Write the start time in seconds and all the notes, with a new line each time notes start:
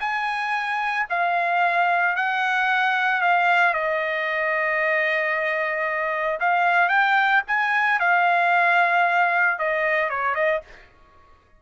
0.00 G#5
1.10 F5
2.16 F#5
3.21 F5
3.74 D#5
6.40 F5
6.89 G5
7.47 G#5
8.00 F5
9.59 D#5
10.10 C#5
10.34 D#5